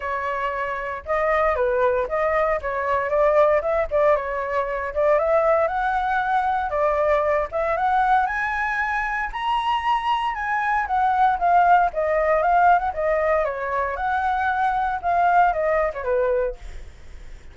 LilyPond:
\new Staff \with { instrumentName = "flute" } { \time 4/4 \tempo 4 = 116 cis''2 dis''4 b'4 | dis''4 cis''4 d''4 e''8 d''8 | cis''4. d''8 e''4 fis''4~ | fis''4 d''4. e''8 fis''4 |
gis''2 ais''2 | gis''4 fis''4 f''4 dis''4 | f''8. fis''16 dis''4 cis''4 fis''4~ | fis''4 f''4 dis''8. cis''16 b'4 | }